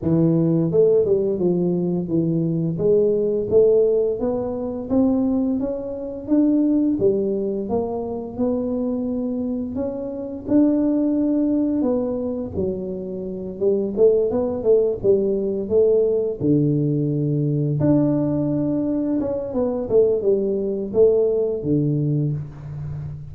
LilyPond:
\new Staff \with { instrumentName = "tuba" } { \time 4/4 \tempo 4 = 86 e4 a8 g8 f4 e4 | gis4 a4 b4 c'4 | cis'4 d'4 g4 ais4 | b2 cis'4 d'4~ |
d'4 b4 fis4. g8 | a8 b8 a8 g4 a4 d8~ | d4. d'2 cis'8 | b8 a8 g4 a4 d4 | }